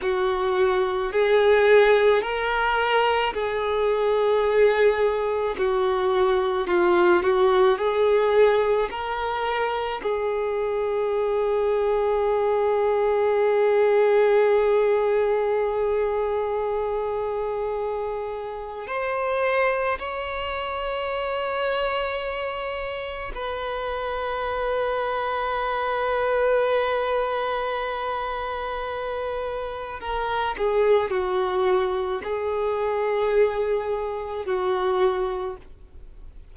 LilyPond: \new Staff \with { instrumentName = "violin" } { \time 4/4 \tempo 4 = 54 fis'4 gis'4 ais'4 gis'4~ | gis'4 fis'4 f'8 fis'8 gis'4 | ais'4 gis'2.~ | gis'1~ |
gis'4 c''4 cis''2~ | cis''4 b'2.~ | b'2. ais'8 gis'8 | fis'4 gis'2 fis'4 | }